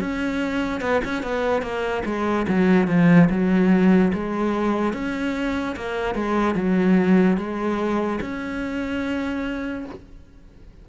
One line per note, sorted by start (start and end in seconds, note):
0.00 0.81 C#4
0.81 1.01 B3
1.04 1.23 C#4
1.23 1.62 B3
1.62 2.03 A#3
2.05 2.46 G#3
2.48 2.88 F#3
2.88 3.29 F3
3.30 4.12 F#3
4.14 4.93 G#3
4.93 5.75 C#4
5.76 6.14 A#3
6.14 6.55 G#3
6.55 7.37 F#3
7.37 8.19 G#3
8.21 9.85 C#4